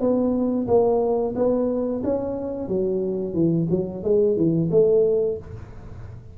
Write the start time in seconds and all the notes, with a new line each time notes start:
0.00 B3
0.67 A#3
1.35 B3
2.04 C#4
2.68 F#3
3.33 E3
3.70 F#3
4.03 G#3
4.36 E3
4.71 A3